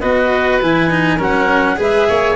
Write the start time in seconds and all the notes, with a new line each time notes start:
0.00 B3 F#4 B4 D#5
0.61 E3 E4 G#5
0.90 D#4
1.17 F#3 C#4 A#4 F#5
1.76 G#3 G#4 B4 E5
2.08 A#3 C#5